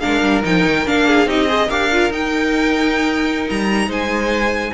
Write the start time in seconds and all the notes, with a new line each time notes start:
0.00 G#3 D4 A#4 F5
0.23 G3
0.43 F3 D#4 G5
0.66 D#3
0.86 A#3 D4 F5
1.07 G#4
1.26 C4 D#4 G4 D#5
1.48 G#4 C5
1.67 D4 G4 A#4 F5
1.92 F4
2.11 D#4 G5
3.50 G3 A#5
3.88 G#3 C5 G#5